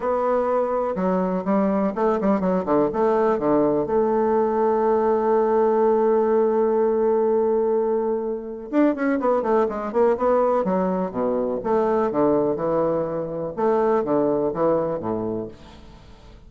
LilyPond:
\new Staff \with { instrumentName = "bassoon" } { \time 4/4 \tempo 4 = 124 b2 fis4 g4 | a8 g8 fis8 d8 a4 d4 | a1~ | a1~ |
a2 d'8 cis'8 b8 a8 | gis8 ais8 b4 fis4 b,4 | a4 d4 e2 | a4 d4 e4 a,4 | }